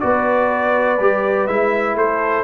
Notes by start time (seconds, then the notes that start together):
0.00 B3 F#4 B4 D5
0.99 G3 G4
1.47 G#3 E4 E5
1.96 A3 A4 C5